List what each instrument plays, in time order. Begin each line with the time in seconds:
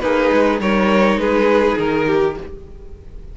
0.00 cello A#3, violin D#4 B4, viola G#4
0.33 cello G#3
0.60 cello G3, viola D#4, violin A#4 C#5
1.17 cello G#3, violin G#4 B4
1.79 cello D#3, violin A#4
2.07 violin G4